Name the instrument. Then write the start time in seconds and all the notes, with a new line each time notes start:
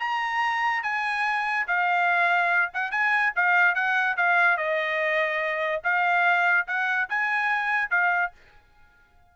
trumpet
0.00 A#5
0.83 G#5
1.68 F5
2.74 F#5
2.92 G#5
3.36 F5
3.75 F#5
4.17 F5
4.58 D#5
5.84 F5
6.67 F#5
7.09 G#5
7.91 F5